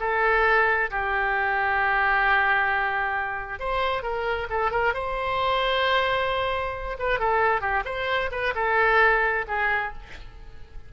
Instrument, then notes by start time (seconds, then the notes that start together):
oboe
0.00 A4
0.91 G4
3.59 C5
4.03 A#4
4.50 A4
4.71 A#4
4.94 C5
6.99 B4
7.20 A4
7.61 G4
7.85 C5
8.32 B4
8.55 A4
9.48 G#4